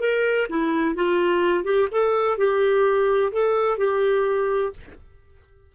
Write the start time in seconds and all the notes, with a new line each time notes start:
0.00 A#4
0.50 E4
0.96 F4
1.65 G4
1.92 A4
2.38 G4
3.33 A4
3.78 G4